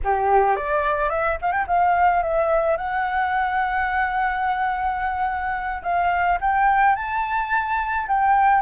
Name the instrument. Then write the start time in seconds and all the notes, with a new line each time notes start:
flute
0.04 G4
0.56 D5
1.09 E5
1.41 F5
1.52 G5
1.67 F5
2.22 E5
2.77 F#5
5.83 F5
6.40 G5
6.95 A5
8.07 G5